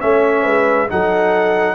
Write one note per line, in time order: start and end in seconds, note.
0.00 0.45 A3
0.00 0.88 C#4
0.00 0.43 C#5
0.00 0.89 E5
0.43 0.89 G#3
0.43 0.87 B4
0.89 1.75 F#3
0.89 1.75 D#4
0.89 1.75 A4
0.89 1.75 F#5